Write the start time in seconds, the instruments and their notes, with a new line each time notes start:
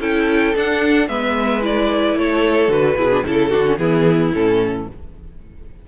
0.00 cello C#4, viola E4, violin A4 G5
0.55 viola D4, cello D4, violin F#5
1.08 cello G#3, viola B3, violin B4 E5
1.61 viola E4, violin D5
2.15 cello A3, violin A4 C#5
2.68 cello D3, viola F#4, violin B4
2.96 cello B2, viola E4, violin G#4
3.11 viola D4
3.25 cello C#3, viola E4, violin A4
3.50 cello D3, viola D4, violin F#4
3.66 viola C#4
3.77 cello E3, viola B3, violin E4 G#4
4.33 cello A2, viola C#4, violin A4